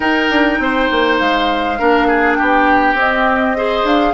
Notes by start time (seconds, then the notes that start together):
0.00 D#4 A#4 G5
0.30 D4
0.59 C4 C5
0.91 A#3
1.18 G#3 F5
1.78 A#3 D4 A#4
2.07 G#4
2.34 B3 G4 G5
2.93 C4 D#5
3.56 G#4 C5
3.83 D4 F5